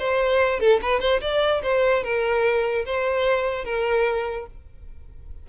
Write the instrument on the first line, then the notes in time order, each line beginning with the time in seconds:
violin
0.00 C5
0.60 A4
0.82 B4
1.01 C5
1.21 D5
1.63 C5
2.04 A#4
2.86 C5
3.65 A#4